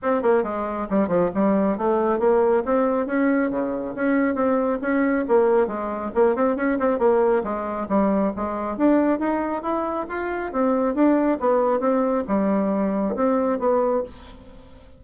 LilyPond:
\new Staff \with { instrumentName = "bassoon" } { \time 4/4 \tempo 4 = 137 c'8 ais8 gis4 g8 f8 g4 | a4 ais4 c'4 cis'4 | cis4 cis'4 c'4 cis'4 | ais4 gis4 ais8 c'8 cis'8 c'8 |
ais4 gis4 g4 gis4 | d'4 dis'4 e'4 f'4 | c'4 d'4 b4 c'4 | g2 c'4 b4 | }